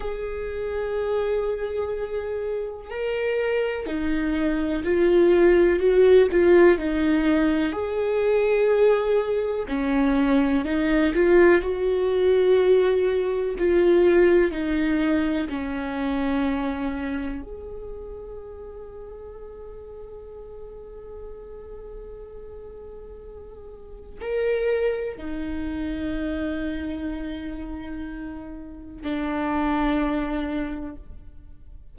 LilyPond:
\new Staff \with { instrumentName = "viola" } { \time 4/4 \tempo 4 = 62 gis'2. ais'4 | dis'4 f'4 fis'8 f'8 dis'4 | gis'2 cis'4 dis'8 f'8 | fis'2 f'4 dis'4 |
cis'2 gis'2~ | gis'1~ | gis'4 ais'4 dis'2~ | dis'2 d'2 | }